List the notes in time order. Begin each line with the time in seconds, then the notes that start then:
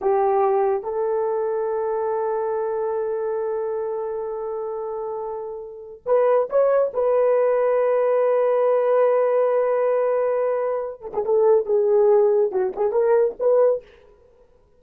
0.01 G4
0.83 A4
6.06 B4
6.49 C#5
6.93 B4
11.01 A4
11.13 G#4
11.24 A4
11.65 G#4
12.51 F#4
12.76 G#4
12.92 A#4
13.39 B4